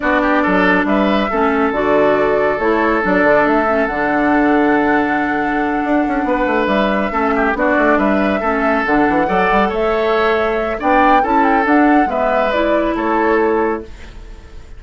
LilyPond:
<<
  \new Staff \with { instrumentName = "flute" } { \time 4/4 \tempo 4 = 139 d''2 e''2 | d''2 cis''4 d''4 | e''4 fis''2.~ | fis''2.~ fis''8 e''8~ |
e''4. d''4 e''4.~ | e''8 fis''2 e''4.~ | e''4 g''4 a''8 g''8 fis''4 | e''4 d''4 cis''2 | }
  \new Staff \with { instrumentName = "oboe" } { \time 4/4 fis'8 g'8 a'4 b'4 a'4~ | a'1~ | a'1~ | a'2~ a'8 b'4.~ |
b'8 a'8 g'8 fis'4 b'4 a'8~ | a'4. d''4 cis''4.~ | cis''4 d''4 a'2 | b'2 a'2 | }
  \new Staff \with { instrumentName = "clarinet" } { \time 4/4 d'2. cis'4 | fis'2 e'4 d'4~ | d'8 cis'8 d'2.~ | d'1~ |
d'8 cis'4 d'2 cis'8~ | cis'8 d'4 a'2~ a'8~ | a'4 d'4 e'4 d'4 | b4 e'2. | }
  \new Staff \with { instrumentName = "bassoon" } { \time 4/4 b4 fis4 g4 a4 | d2 a4 fis8 d8 | a4 d2.~ | d4. d'8 cis'8 b8 a8 g8~ |
g8 a4 b8 a8 g4 a8~ | a8 d8 e8 fis8 g8 a4.~ | a4 b4 cis'4 d'4 | gis2 a2 | }
>>